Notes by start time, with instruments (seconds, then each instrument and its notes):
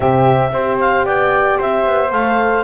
0.00 double bass C3, horn C4, flute G4, clarinet E5
0.52 double bass C4, horn G4, flute C5
0.80 clarinet F5
1.05 double bass B3, flute D5, clarinet G5
1.58 double bass C4, flute C5, clarinet E5
1.85 double bass B3
2.10 double bass A3, horn A4, clarinet F5